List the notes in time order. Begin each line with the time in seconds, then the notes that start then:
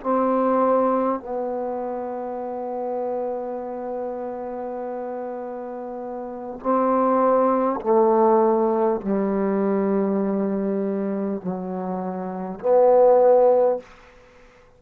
0.00 C4
1.19 B3
6.59 C4
7.80 A3
9.01 G3
11.41 F#3
12.59 B3